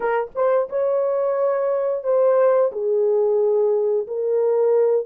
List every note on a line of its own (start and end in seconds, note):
0.00 0.30 A#4
0.35 0.68 C5
0.69 2.03 C#5
2.03 2.71 C5
2.72 4.06 G#4
4.07 5.06 A#4